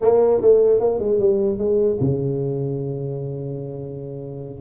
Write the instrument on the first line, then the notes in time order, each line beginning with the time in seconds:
tuba
0.01 A#3
0.41 A3
0.80 A#3
0.99 G#3
1.19 G3
1.58 G#3
2.00 C#3